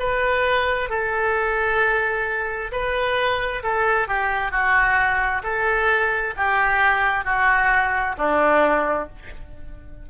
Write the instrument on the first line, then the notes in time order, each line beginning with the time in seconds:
oboe
0.00 B4
0.90 A4
2.72 B4
3.64 A4
4.08 G4
4.52 F#4
5.44 A4
6.37 G4
7.25 F#4
8.19 D4